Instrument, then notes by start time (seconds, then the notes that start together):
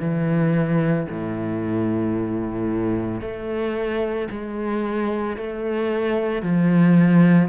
cello
0.00 E3
1.09 A2
3.21 A3
4.31 G#3
5.37 A3
6.42 F3